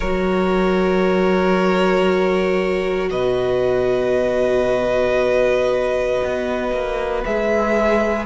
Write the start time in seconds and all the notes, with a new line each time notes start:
0.00 F#3 F#4 A#4 C#5
3.10 B2 B4 D#5
6.24 B3
6.72 A#3
7.24 G#3 G#4 E5